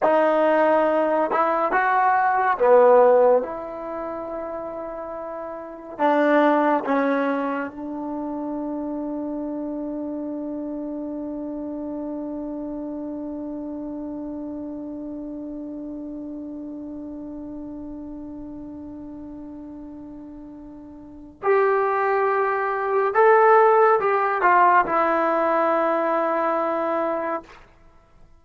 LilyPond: \new Staff \with { instrumentName = "trombone" } { \time 4/4 \tempo 4 = 70 dis'4. e'8 fis'4 b4 | e'2. d'4 | cis'4 d'2.~ | d'1~ |
d'1~ | d'1~ | d'4 g'2 a'4 | g'8 f'8 e'2. | }